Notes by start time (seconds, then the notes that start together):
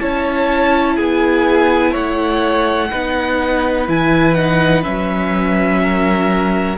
0.00 C#4 E4 C#5 A5
0.96 B3 G#4 G#5
1.92 A3 C#5 F#5
2.91 B3 D#4 B4
3.88 E3 E4 G#5
4.34 D#4 F#5
4.83 F#3 C#4 E5
5.83 A#4